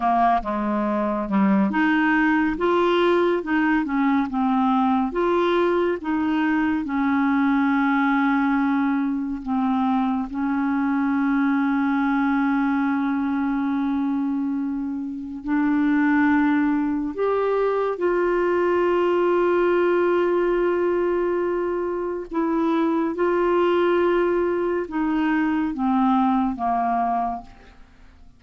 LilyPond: \new Staff \with { instrumentName = "clarinet" } { \time 4/4 \tempo 4 = 70 ais8 gis4 g8 dis'4 f'4 | dis'8 cis'8 c'4 f'4 dis'4 | cis'2. c'4 | cis'1~ |
cis'2 d'2 | g'4 f'2.~ | f'2 e'4 f'4~ | f'4 dis'4 c'4 ais4 | }